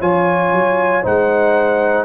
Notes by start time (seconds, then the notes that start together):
0.00 F3 F4 C#5 G#5
0.53 F#3
1.03 G#3 D#4 C5 F#5